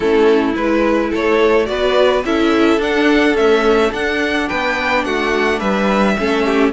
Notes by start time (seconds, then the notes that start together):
0.00 A3 C#4 E4 A4
0.54 G#3 E4 B4
1.10 A3 A4 C#5
1.65 B3 F#4 B4 D5
2.24 C#4 E4 A4 E5
2.77 D4 F#5
3.34 A3 C#4 E5
3.92 D4 F#5
4.48 B3 B4 G5
5.04 A3 F#4 F#5
5.59 G3 B4 E5
6.18 A3 C#4 A4
6.45 G4